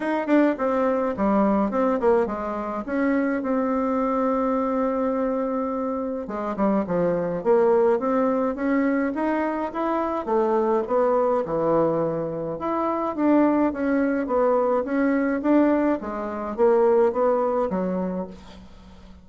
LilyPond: \new Staff \with { instrumentName = "bassoon" } { \time 4/4 \tempo 4 = 105 dis'8 d'8 c'4 g4 c'8 ais8 | gis4 cis'4 c'2~ | c'2. gis8 g8 | f4 ais4 c'4 cis'4 |
dis'4 e'4 a4 b4 | e2 e'4 d'4 | cis'4 b4 cis'4 d'4 | gis4 ais4 b4 fis4 | }